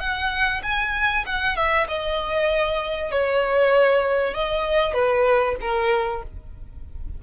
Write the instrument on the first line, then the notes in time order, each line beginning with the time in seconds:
violin
0.00 F#5
0.64 G#5
1.27 F#5
1.57 E5
1.88 D#5
3.12 C#5
4.35 D#5
4.94 B4
5.61 A#4